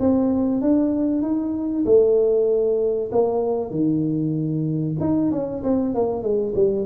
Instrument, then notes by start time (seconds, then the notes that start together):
tuba
0.00 C4
0.62 D4
1.22 D#4
1.86 A3
3.12 A#3
3.71 D#3
5.01 D#4
5.32 C#4
5.64 C4
5.95 A#3
6.23 G#3
6.55 G3